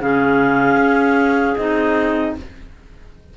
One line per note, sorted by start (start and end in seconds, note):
0.00 0.76 C#3
0.00 1.57 C#4
0.00 2.36 G#4
0.00 1.56 F5
0.76 1.54 C#4
1.56 2.36 C4
1.56 2.37 D#4
1.56 2.34 D#5